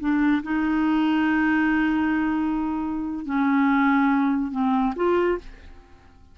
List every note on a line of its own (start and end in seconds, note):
0.00 0.42 D4
0.43 3.25 D#4
3.25 4.52 C#4
4.52 4.94 C4
4.96 5.38 F4